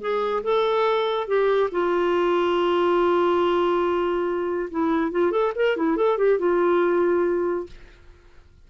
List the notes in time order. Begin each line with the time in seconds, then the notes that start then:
0.00 G#4
0.43 A4
1.27 G4
1.71 F4
4.70 E4
5.11 F4
5.31 A4
5.55 A#4
5.76 E4
5.96 A4
6.18 G4
6.38 F4